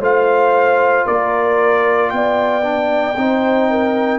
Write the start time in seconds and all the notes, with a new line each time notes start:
0.00 A3 F4 C5 F5
1.06 A#3 A#4 D5
2.10 B3 D5 G5
2.63 D4
3.17 C4 D#4 C5
3.70 A#4